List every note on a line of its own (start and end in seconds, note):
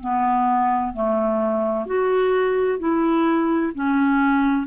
0.00 0.93 B3
0.93 1.86 A3
1.86 2.79 F#4
2.79 3.72 E4
3.74 4.67 C#4